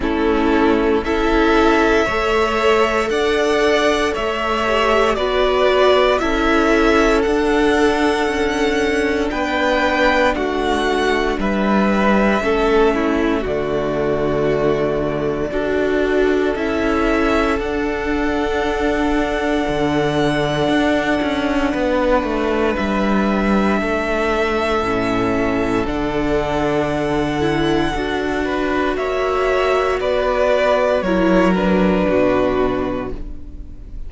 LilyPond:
<<
  \new Staff \with { instrumentName = "violin" } { \time 4/4 \tempo 4 = 58 a'4 e''2 fis''4 | e''4 d''4 e''4 fis''4~ | fis''4 g''4 fis''4 e''4~ | e''4 d''2. |
e''4 fis''2.~ | fis''2 e''2~ | e''4 fis''2. | e''4 d''4 cis''8 b'4. | }
  \new Staff \with { instrumentName = "violin" } { \time 4/4 e'4 a'4 cis''4 d''4 | cis''4 b'4 a'2~ | a'4 b'4 fis'4 b'4 | a'8 e'8 fis'2 a'4~ |
a'1~ | a'4 b'2 a'4~ | a'2.~ a'8 b'8 | cis''4 b'4 ais'4 fis'4 | }
  \new Staff \with { instrumentName = "viola" } { \time 4/4 cis'4 e'4 a'2~ | a'8 g'8 fis'4 e'4 d'4~ | d'1 | cis'4 a2 fis'4 |
e'4 d'2.~ | d'1 | cis'4 d'4. e'8 fis'4~ | fis'2 e'8 d'4. | }
  \new Staff \with { instrumentName = "cello" } { \time 4/4 a4 cis'4 a4 d'4 | a4 b4 cis'4 d'4 | cis'4 b4 a4 g4 | a4 d2 d'4 |
cis'4 d'2 d4 | d'8 cis'8 b8 a8 g4 a4 | a,4 d2 d'4 | ais4 b4 fis4 b,4 | }
>>